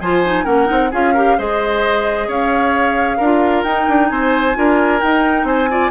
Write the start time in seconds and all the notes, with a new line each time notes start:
0.00 F3 F4 C5 G#5
0.25 D#4
0.44 A#3 C#4 A#4 F#5
0.66 C4 D#4
0.91 C#4 F4 G#4 F5
1.14 G4 A#4
1.38 G#3 G#4 C5 D#5
2.28 C#4 C#5 F5
3.17 D4 A#4
3.23 F4
3.64 D#4 G5
3.88 D4
4.09 C4 C5 G#5
4.54 D4 F4 A#4
5.00 D#4 G5
5.44 C4 C5 G#5
5.69 F4 D5